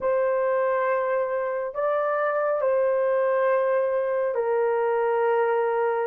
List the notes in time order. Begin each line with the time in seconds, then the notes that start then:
0.00 C5
1.74 D5
2.61 C5
4.34 A#4